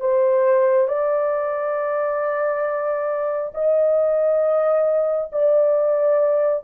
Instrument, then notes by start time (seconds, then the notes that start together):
horn
0.00 C5
0.88 D5
3.54 D#5
5.32 D5